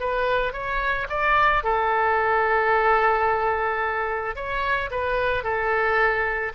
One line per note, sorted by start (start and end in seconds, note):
0.00 0.53 B4
0.53 1.07 C#5
1.09 1.64 D5
1.64 4.35 A4
4.35 4.90 C#5
4.91 5.43 B4
5.43 6.52 A4